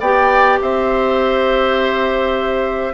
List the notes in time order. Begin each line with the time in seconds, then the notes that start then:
0.00 B3 G4 D5 G5
0.61 C4 C5 E5